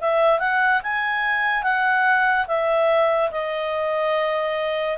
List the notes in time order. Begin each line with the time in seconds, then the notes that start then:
0.00 E5
0.39 F#5
0.83 G#5
1.62 F#5
2.47 E5
3.31 D#5